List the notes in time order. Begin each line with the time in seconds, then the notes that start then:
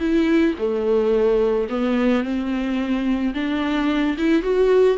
0.00 E4
0.58 A3
1.70 B3
2.24 C4
3.35 D4
4.18 E4
4.43 F#4